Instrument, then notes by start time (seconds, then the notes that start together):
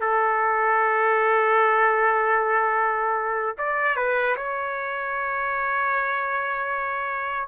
trumpet
0.00 A4
3.58 D5
3.96 B4
4.36 C#5